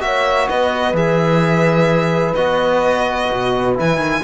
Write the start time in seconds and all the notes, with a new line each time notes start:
0.00 A#3 F#4 C#5 E5
0.48 B3 B4 D#5
0.93 E3 G#4 E5
2.35 B3 F#4 D#5
3.31 B2
3.75 E3 E4 G#5
3.97 D#3